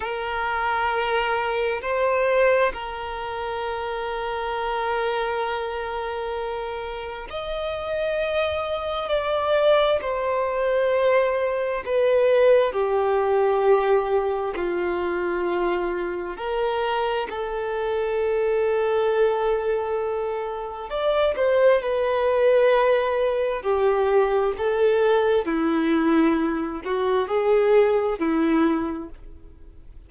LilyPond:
\new Staff \with { instrumentName = "violin" } { \time 4/4 \tempo 4 = 66 ais'2 c''4 ais'4~ | ais'1 | dis''2 d''4 c''4~ | c''4 b'4 g'2 |
f'2 ais'4 a'4~ | a'2. d''8 c''8 | b'2 g'4 a'4 | e'4. fis'8 gis'4 e'4 | }